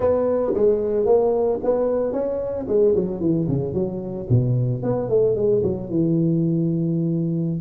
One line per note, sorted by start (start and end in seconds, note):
0.00 0.53 B3
0.54 1.05 G#3
1.05 1.59 A#3
1.63 2.12 B3
2.12 2.65 C#4
2.68 2.94 G#3
2.95 3.20 F#3
3.20 3.47 E3
3.48 3.73 C#3
3.73 4.27 F#3
4.29 4.82 B2
4.82 5.09 B3
5.09 5.35 A3
5.35 5.62 G#3
5.63 5.89 F#3
5.89 7.60 E3